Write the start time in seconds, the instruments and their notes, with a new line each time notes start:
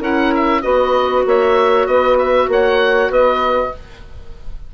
0.00 bassoon C#4, clarinet E4, saxophone A#4, oboe F#5
0.35 oboe E5
0.62 bassoon B3, clarinet F#4, saxophone B4, oboe D#5
1.26 bassoon A#3, saxophone C#5, oboe E5
1.87 bassoon B3, saxophone B4, oboe D#5
2.19 oboe E5
2.48 bassoon A#3, saxophone C#5, oboe F#5
3.10 bassoon B3, saxophone B4, oboe D#5